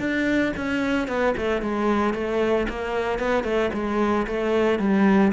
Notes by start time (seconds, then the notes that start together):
0.00 D4
0.57 C#4
1.08 B3
1.38 A3
1.62 G#3
2.14 A3
2.69 A#3
3.20 B3
3.44 A3
3.74 G#3
4.28 A3
4.79 G3